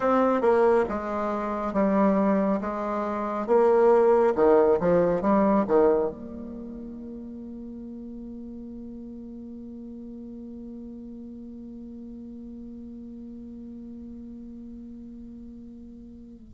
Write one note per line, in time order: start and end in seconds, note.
0.00 0.41 C4
0.41 0.84 A#3
0.89 1.73 G#3
1.73 2.60 G3
2.60 3.46 G#3
3.46 4.33 A#3
4.35 4.78 D#3
4.79 5.21 F3
5.21 5.65 G3
5.67 6.10 D#3
6.10 16.53 A#3